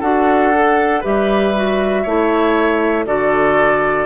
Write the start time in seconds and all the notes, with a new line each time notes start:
0.00 D4 F#4 A4 F#5
0.54 A4
1.00 G3 G4 B4 E5
1.55 F#4
2.03 A3 E4 C#5
3.06 D3 F#4 A4 D5